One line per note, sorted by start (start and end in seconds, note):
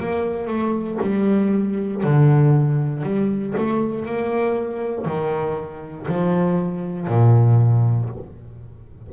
0.00 0.48 A#3
0.48 0.98 A3
1.02 2.03 G3
2.03 3.04 D3
3.04 3.55 G3
3.58 4.06 A3
4.06 5.06 A#3
5.06 6.07 D#3
6.09 7.08 F3
7.08 8.10 A#2